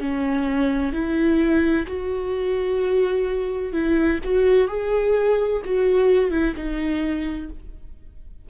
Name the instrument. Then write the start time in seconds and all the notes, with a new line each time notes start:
viola
0.00 C#4
0.93 E4
1.87 F#4
3.73 E4
4.24 F#4
4.68 G#4
5.65 F#4
6.31 E4
6.56 D#4